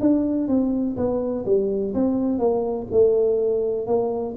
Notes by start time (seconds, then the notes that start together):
0.00 D4
0.48 C4
0.96 B3
1.45 G3
1.94 C4
2.38 A#3
2.91 A3
3.87 A#3